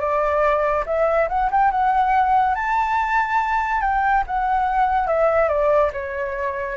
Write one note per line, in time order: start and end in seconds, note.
0.00 0.85 D5
0.86 1.29 E5
1.29 1.50 F#5
1.51 1.71 G5
1.71 2.55 F#5
2.55 3.81 A5
3.81 4.24 G5
4.27 5.07 F#5
5.07 5.49 E5
5.49 5.91 D5
5.93 6.77 C#5